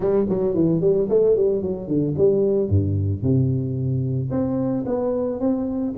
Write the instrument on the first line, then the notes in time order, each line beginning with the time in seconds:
tuba
0.00 G3
0.29 F#3
0.54 E3
0.80 G3
1.09 A3
1.36 G3
1.62 F#3
1.87 D3
2.17 G3
2.69 G2
3.22 C3
4.30 C4
4.86 B3
5.40 C4